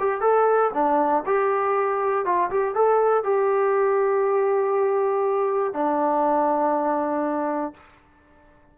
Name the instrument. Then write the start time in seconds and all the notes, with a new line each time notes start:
trombone
0.00 G4
0.21 A4
0.74 D4
1.26 G4
2.25 F4
2.51 G4
2.75 A4
3.24 G4
5.74 D4